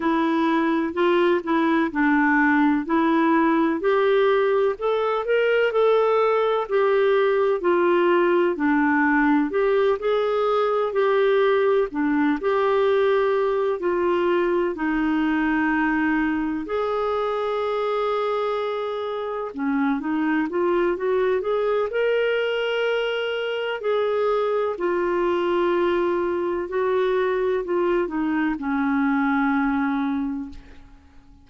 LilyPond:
\new Staff \with { instrumentName = "clarinet" } { \time 4/4 \tempo 4 = 63 e'4 f'8 e'8 d'4 e'4 | g'4 a'8 ais'8 a'4 g'4 | f'4 d'4 g'8 gis'4 g'8~ | g'8 d'8 g'4. f'4 dis'8~ |
dis'4. gis'2~ gis'8~ | gis'8 cis'8 dis'8 f'8 fis'8 gis'8 ais'4~ | ais'4 gis'4 f'2 | fis'4 f'8 dis'8 cis'2 | }